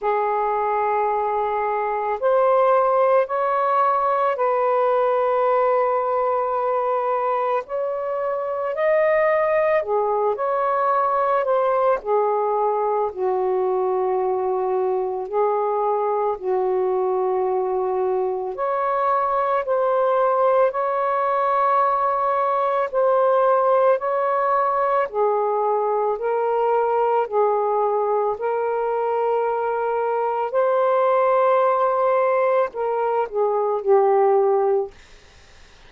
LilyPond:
\new Staff \with { instrumentName = "saxophone" } { \time 4/4 \tempo 4 = 55 gis'2 c''4 cis''4 | b'2. cis''4 | dis''4 gis'8 cis''4 c''8 gis'4 | fis'2 gis'4 fis'4~ |
fis'4 cis''4 c''4 cis''4~ | cis''4 c''4 cis''4 gis'4 | ais'4 gis'4 ais'2 | c''2 ais'8 gis'8 g'4 | }